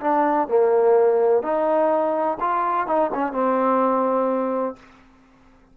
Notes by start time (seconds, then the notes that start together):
0.00 D4
0.48 A#3
1.42 D#4
2.40 F4
2.86 D#4
3.14 C#4
3.32 C4